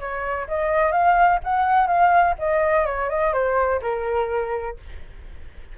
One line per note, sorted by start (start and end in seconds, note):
0.00 0.48 C#5
0.48 0.92 D#5
0.92 1.40 F5
1.44 1.87 F#5
1.87 2.35 F5
2.39 2.86 D#5
2.86 3.10 C#5
3.10 3.34 D#5
3.34 3.81 C5
3.82 4.78 A#4